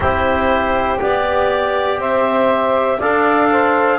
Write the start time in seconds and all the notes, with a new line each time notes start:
0.00 C4 E4 G4 C5
0.99 B3 G4 D5
1.97 C4 C5 E5
2.98 D4 A4 D5 F5
3.51 C5